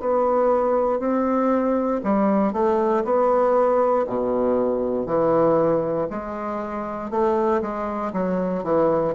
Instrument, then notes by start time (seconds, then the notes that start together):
bassoon
0.00 B3
0.99 C4
2.03 G3
2.52 A3
3.04 B3
4.07 B2
5.06 E3
6.10 G#3
7.10 A3
7.61 G#3
8.13 F#3
8.63 E3